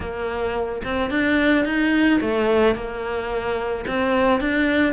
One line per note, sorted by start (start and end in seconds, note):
0.00 0.81 A#3
0.84 1.10 C4
1.10 1.65 D4
1.65 2.20 D#4
2.20 2.75 A3
2.75 3.85 A#3
3.87 4.40 C4
4.40 4.93 D4